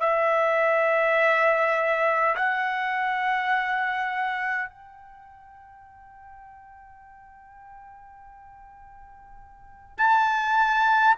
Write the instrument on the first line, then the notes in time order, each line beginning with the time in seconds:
trumpet
0.00 E5
2.35 F#5
4.69 G5
9.97 A5